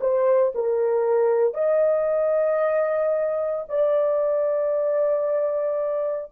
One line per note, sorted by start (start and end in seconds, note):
0.00 0.53 C5
0.55 1.54 A#4
1.54 3.65 D#5
3.68 6.32 D5